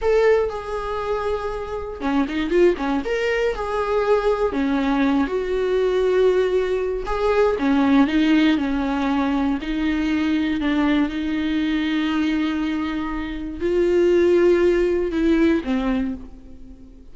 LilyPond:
\new Staff \with { instrumentName = "viola" } { \time 4/4 \tempo 4 = 119 a'4 gis'2. | cis'8 dis'8 f'8 cis'8 ais'4 gis'4~ | gis'4 cis'4. fis'4.~ | fis'2 gis'4 cis'4 |
dis'4 cis'2 dis'4~ | dis'4 d'4 dis'2~ | dis'2. f'4~ | f'2 e'4 c'4 | }